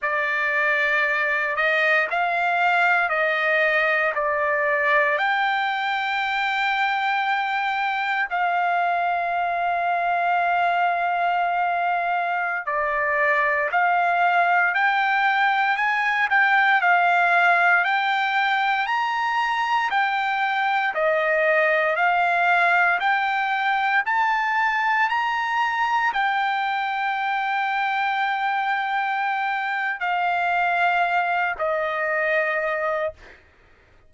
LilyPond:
\new Staff \with { instrumentName = "trumpet" } { \time 4/4 \tempo 4 = 58 d''4. dis''8 f''4 dis''4 | d''4 g''2. | f''1~ | f''16 d''4 f''4 g''4 gis''8 g''16~ |
g''16 f''4 g''4 ais''4 g''8.~ | g''16 dis''4 f''4 g''4 a''8.~ | a''16 ais''4 g''2~ g''8.~ | g''4 f''4. dis''4. | }